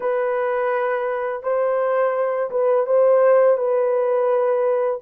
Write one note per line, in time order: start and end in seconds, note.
0.00 1.43 B4
1.43 2.50 C5
2.50 2.86 B4
2.86 3.57 C5
3.57 5.00 B4